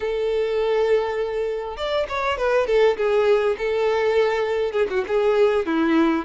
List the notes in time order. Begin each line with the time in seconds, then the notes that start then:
0.00 A4
1.76 D5
2.08 C#5
2.37 B4
2.67 A4
2.97 G#4
3.58 A4
4.72 G#4
4.90 F#4
5.07 G#4
5.66 E4